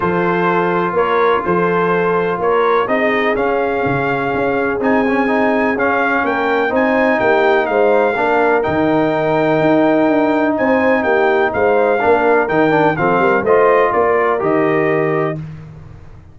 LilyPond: <<
  \new Staff \with { instrumentName = "trumpet" } { \time 4/4 \tempo 4 = 125 c''2 cis''4 c''4~ | c''4 cis''4 dis''4 f''4~ | f''2 gis''2 | f''4 g''4 gis''4 g''4 |
f''2 g''2~ | g''2 gis''4 g''4 | f''2 g''4 f''4 | dis''4 d''4 dis''2 | }
  \new Staff \with { instrumentName = "horn" } { \time 4/4 a'2 ais'4 a'4~ | a'4 ais'4 gis'2~ | gis'1~ | gis'4 ais'4 c''4 g'4 |
c''4 ais'2.~ | ais'2 c''4 g'4 | c''4 ais'2 a'8 ais'8 | c''4 ais'2. | }
  \new Staff \with { instrumentName = "trombone" } { \time 4/4 f'1~ | f'2 dis'4 cis'4~ | cis'2 dis'8 cis'8 dis'4 | cis'2 dis'2~ |
dis'4 d'4 dis'2~ | dis'1~ | dis'4 d'4 dis'8 d'8 c'4 | f'2 g'2 | }
  \new Staff \with { instrumentName = "tuba" } { \time 4/4 f2 ais4 f4~ | f4 ais4 c'4 cis'4 | cis4 cis'4 c'2 | cis'4 ais4 c'4 ais4 |
gis4 ais4 dis2 | dis'4 d'4 c'4 ais4 | gis4 ais4 dis4 f8 g8 | a4 ais4 dis2 | }
>>